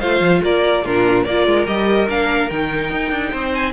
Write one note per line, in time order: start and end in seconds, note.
0.00 0.21 A3
0.00 0.85 F4
0.00 0.41 C5
0.00 0.41 F5
0.21 0.41 F3
0.44 0.86 A#3
0.44 0.84 A#4
0.44 0.86 D5
0.84 1.27 A#2
0.84 1.27 D4
0.84 1.24 F4
0.84 1.24 A#4
1.24 1.46 A#3
1.24 3.31 A#4
1.24 1.66 D5
1.30 1.67 F4
1.46 1.67 G#3
1.67 2.09 G3
1.67 2.08 G4
1.67 2.08 D#5
2.09 2.50 A#3
2.09 2.50 D4
2.09 2.50 F5
2.50 2.92 D#3
2.50 3.73 D#4
2.50 3.53 G5
2.92 3.11 D#4
3.11 3.32 D4
3.32 3.73 C4
3.32 3.73 C5
3.55 3.73 G#5